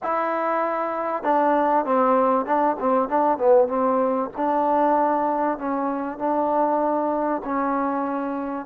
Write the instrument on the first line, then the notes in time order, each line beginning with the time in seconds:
trombone
0.03 E4
1.23 D4
1.85 C4
2.45 D4
2.79 C4
3.08 D4
3.37 B3
3.68 C4
4.36 D4
5.58 C#4
6.18 D4
7.44 C#4